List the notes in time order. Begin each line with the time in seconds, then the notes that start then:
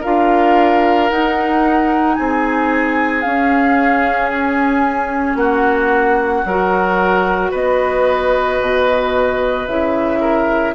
0.00 D4 F4 A#4 F5
1.10 D#4 F#5
2.15 C4 G#4 G#5
3.21 C#4 F5
4.29 G#5
5.35 A#3 F#4 F#5
6.45 F#3 F#4 A#4
7.51 B3 B4 D#5
8.60 B2
9.67 C#3 E4 E5
10.20 A#4